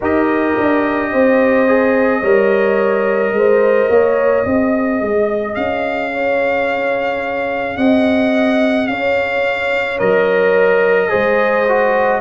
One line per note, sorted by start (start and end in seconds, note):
0.00 0.56 D#4
0.00 1.67 G4
0.00 1.10 A#4
0.00 5.54 D#5
0.59 1.13 D4
1.12 2.22 C4
1.12 2.20 C5
1.67 2.22 G#4
2.20 3.31 G3
2.20 4.44 A#4
2.20 3.31 C#5
3.31 3.87 G#3
3.31 3.90 C5
3.89 4.45 A#3
3.89 4.44 C#5
4.44 5.01 C4
4.44 9.98 G#4
4.44 6.11 D#5
5.01 5.56 G#3
5.54 7.77 C#4
5.54 7.77 F5
6.13 7.77 C#5
7.77 8.88 C4
7.77 8.88 D#5
7.77 8.87 F#5
8.87 9.99 C#4
8.87 11.09 C#5
8.87 9.98 F5
9.98 11.11 F#3
9.98 11.09 A#4
9.98 12.20 D#5
11.09 12.20 G#3
11.09 11.64 G#4
11.09 12.20 C5
11.68 12.20 F#4